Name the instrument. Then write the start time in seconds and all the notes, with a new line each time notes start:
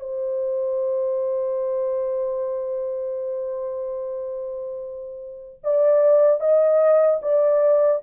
horn
0.00 C5
5.63 D5
6.40 D#5
7.22 D5